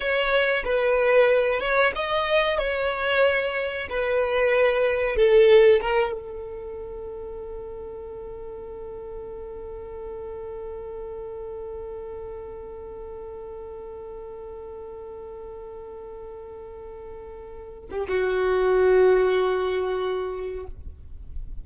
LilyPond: \new Staff \with { instrumentName = "violin" } { \time 4/4 \tempo 4 = 93 cis''4 b'4. cis''8 dis''4 | cis''2 b'2 | a'4 ais'8 a'2~ a'8~ | a'1~ |
a'1~ | a'1~ | a'2.~ a'8. g'16 | fis'1 | }